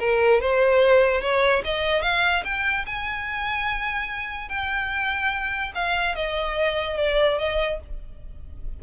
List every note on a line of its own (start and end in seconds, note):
0.00 0.41 A#4
0.41 1.21 C5
1.21 1.63 C#5
1.65 2.02 D#5
2.02 2.43 F5
2.45 2.86 G5
2.86 4.49 G#5
4.49 5.73 G5
5.75 6.16 F5
6.16 6.98 D#5
6.98 7.39 D5
7.39 7.80 D#5